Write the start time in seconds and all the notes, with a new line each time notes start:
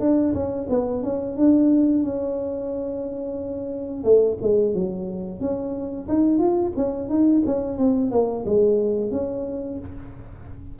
0.00 D4
0.34 C#4
0.70 B3
1.04 C#4
1.37 D4
2.04 C#4
4.04 A3
4.42 G#3
4.74 F#3
5.41 C#4
6.09 D#4
6.39 F4
6.77 C#4
7.09 D#4
7.46 C#4
7.78 C4
8.11 A#3
8.46 G#3
9.12 C#4